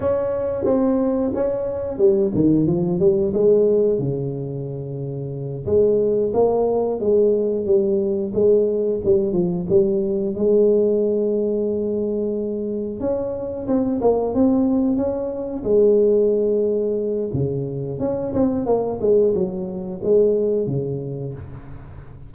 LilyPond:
\new Staff \with { instrumentName = "tuba" } { \time 4/4 \tempo 4 = 90 cis'4 c'4 cis'4 g8 dis8 | f8 g8 gis4 cis2~ | cis8 gis4 ais4 gis4 g8~ | g8 gis4 g8 f8 g4 gis8~ |
gis2.~ gis8 cis'8~ | cis'8 c'8 ais8 c'4 cis'4 gis8~ | gis2 cis4 cis'8 c'8 | ais8 gis8 fis4 gis4 cis4 | }